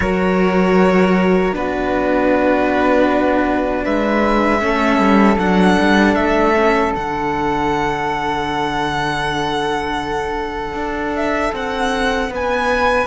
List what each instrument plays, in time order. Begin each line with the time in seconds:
0.00 cello F#3 F#4, flute A#4, violin C#5
1.51 cello B3 D4, flute F#4, violin B4
3.84 cello G#3, flute B4, violin E5
4.60 cello A3 C#4, flute A4
4.98 cello G3
5.38 cello F#3 D4, violin F#5
5.79 cello G3
6.15 cello A3, violin E5
6.55 cello C#4
6.93 cello D3 D4, violin F#5
10.74 cello D4
11.16 violin E5
11.53 cello C4, violin F#5
12.29 cello B3, flute B4
12.35 violin G#5